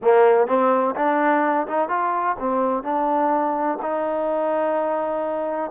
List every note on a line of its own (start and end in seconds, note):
0.02 0.47 A#3
0.47 0.94 C4
0.95 1.67 D4
1.67 1.88 D#4
1.88 2.36 F4
2.39 2.83 C4
2.83 3.78 D4
3.81 5.71 D#4